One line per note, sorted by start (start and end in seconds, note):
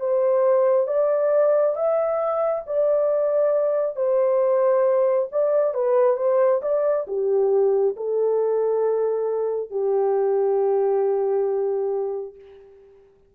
0.00 0.87 C5
0.87 1.75 D5
1.75 2.64 E5
2.66 3.96 D5
3.96 5.28 C5
5.31 5.74 D5
5.74 6.17 B4
6.17 6.61 C5
6.62 7.06 D5
7.07 7.95 G4
7.96 9.70 A4
9.70 12.35 G4